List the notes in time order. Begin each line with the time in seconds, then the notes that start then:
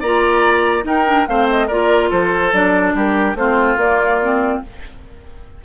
0.00 A#3 F4 D5 A#5
0.82 D#4 A#4 G5
1.06 D4
1.27 A3 C4 C5 F5
1.50 D#5
1.67 A#3 F4 A#4 D5
2.10 F3 A4 C5
2.52 F#3 D4 D5
2.94 G3 G4 A#4
3.35 A3 C4 F4 C5
3.76 A#3 D5
4.22 C4